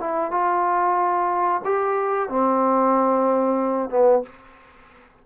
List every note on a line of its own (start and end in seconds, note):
0.00 0.31 E4
0.31 1.61 F4
1.64 2.29 G4
2.29 3.90 C4
3.90 4.22 B3